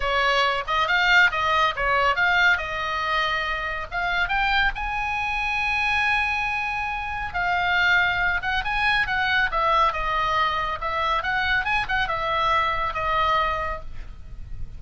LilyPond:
\new Staff \with { instrumentName = "oboe" } { \time 4/4 \tempo 4 = 139 cis''4. dis''8 f''4 dis''4 | cis''4 f''4 dis''2~ | dis''4 f''4 g''4 gis''4~ | gis''1~ |
gis''4 f''2~ f''8 fis''8 | gis''4 fis''4 e''4 dis''4~ | dis''4 e''4 fis''4 gis''8 fis''8 | e''2 dis''2 | }